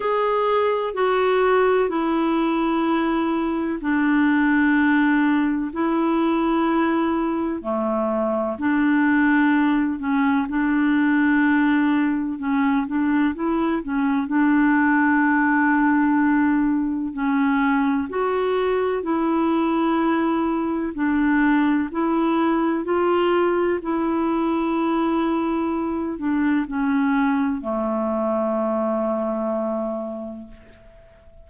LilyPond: \new Staff \with { instrumentName = "clarinet" } { \time 4/4 \tempo 4 = 63 gis'4 fis'4 e'2 | d'2 e'2 | a4 d'4. cis'8 d'4~ | d'4 cis'8 d'8 e'8 cis'8 d'4~ |
d'2 cis'4 fis'4 | e'2 d'4 e'4 | f'4 e'2~ e'8 d'8 | cis'4 a2. | }